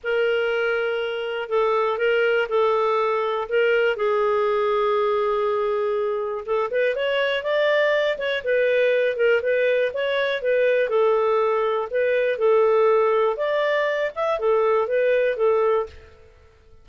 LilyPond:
\new Staff \with { instrumentName = "clarinet" } { \time 4/4 \tempo 4 = 121 ais'2. a'4 | ais'4 a'2 ais'4 | gis'1~ | gis'4 a'8 b'8 cis''4 d''4~ |
d''8 cis''8 b'4. ais'8 b'4 | cis''4 b'4 a'2 | b'4 a'2 d''4~ | d''8 e''8 a'4 b'4 a'4 | }